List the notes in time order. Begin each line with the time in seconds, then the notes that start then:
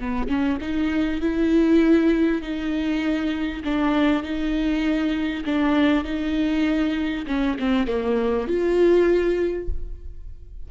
0.00 B3
0.28 C#4
0.61 D#4
1.21 E4
2.42 D#4
3.64 D4
4.23 D#4
5.45 D4
6.04 D#4
7.27 C#4
7.59 C4
7.87 A#3
8.47 F4